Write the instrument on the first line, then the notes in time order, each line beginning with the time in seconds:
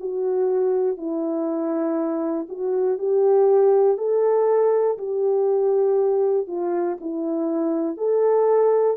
horn
0.00 F#4
0.97 E4
2.49 F#4
2.98 G4
3.97 A4
4.98 G4
6.47 F4
7.00 E4
7.97 A4